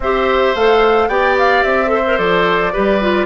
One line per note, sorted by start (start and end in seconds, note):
0.00 0.52 C4
0.00 0.56 G4
0.00 1.08 C5
0.00 0.55 E5
0.55 1.08 A3
0.55 1.10 A4
0.55 1.08 F5
1.08 1.63 B3
1.08 1.86 G4
1.08 1.90 D5
1.08 1.36 G5
1.38 1.63 F5
1.63 2.18 C4
1.63 2.17 E5
1.86 2.00 A4
1.94 2.72 C5
2.06 2.17 A#4
2.17 2.73 F3
2.17 2.72 A4
2.17 3.26 D5
2.72 3.26 G3
2.72 3.00 G4
2.72 3.26 B4
3.00 3.26 F4